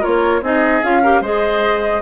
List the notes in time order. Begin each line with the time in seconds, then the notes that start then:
0.00 A#3 F4 A#4 C#5
0.41 C4 D#4 G#4 D#5
0.83 C#4 F4 F5
1.02 G4 A#4
1.21 G#3 G#4 C5 D#5